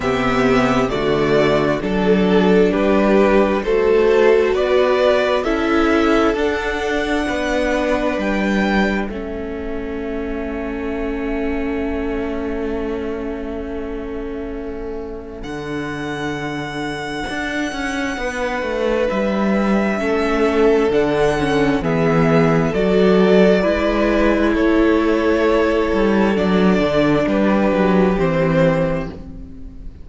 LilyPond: <<
  \new Staff \with { instrumentName = "violin" } { \time 4/4 \tempo 4 = 66 e''4 d''4 a'4 b'4 | a'4 d''4 e''4 fis''4~ | fis''4 g''4 e''2~ | e''1~ |
e''4 fis''2.~ | fis''4 e''2 fis''4 | e''4 d''2 cis''4~ | cis''4 d''4 b'4 c''4 | }
  \new Staff \with { instrumentName = "violin" } { \time 4/4 g'4 fis'4 a'4 g'4 | c''4 b'4 a'2 | b'2 a'2~ | a'1~ |
a'1 | b'2 a'2 | gis'4 a'4 b'4 a'4~ | a'2 g'2 | }
  \new Staff \with { instrumentName = "viola" } { \time 4/4 b4 a4 d'2 | fis'2 e'4 d'4~ | d'2 cis'2~ | cis'1~ |
cis'4 d'2.~ | d'2 cis'4 d'8 cis'8 | b4 fis'4 e'2~ | e'4 d'2 c'4 | }
  \new Staff \with { instrumentName = "cello" } { \time 4/4 c4 d4 fis4 g4 | a4 b4 cis'4 d'4 | b4 g4 a2~ | a1~ |
a4 d2 d'8 cis'8 | b8 a8 g4 a4 d4 | e4 fis4 gis4 a4~ | a8 g8 fis8 d8 g8 fis8 e4 | }
>>